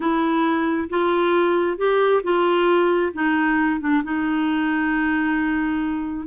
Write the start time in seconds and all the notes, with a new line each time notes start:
0.00 E4
0.89 F4
1.77 G4
2.23 F4
3.13 D#4
3.80 D4
4.03 D#4